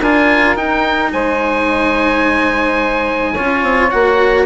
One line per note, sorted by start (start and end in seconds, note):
0.00 0.56 D4
0.00 0.56 F4
0.00 1.11 A#4
0.00 0.57 G#5
0.56 3.34 D#4
0.56 1.12 D#4
0.56 1.12 G5
1.12 3.36 G#3
1.12 3.33 C5
1.12 3.90 G#5
3.33 3.91 F4
3.33 4.44 C#5
3.39 3.63 C#4
3.63 3.90 C4
3.90 4.45 A#3
3.90 4.45 F#4
3.90 4.45 F#5